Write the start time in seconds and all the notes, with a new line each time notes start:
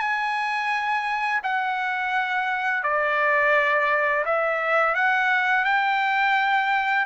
0.00 G#5
1.44 F#5
2.84 D5
4.25 E5
4.95 F#5
5.65 G5